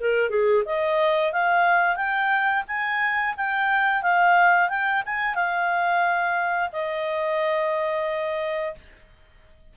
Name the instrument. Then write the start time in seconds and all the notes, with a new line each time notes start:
clarinet
0.00 A#4
0.30 G#4
0.65 D#5
1.32 F5
1.96 G5
2.68 G#5
3.36 G5
4.02 F5
4.69 G5
5.06 G#5
5.35 F5
6.73 D#5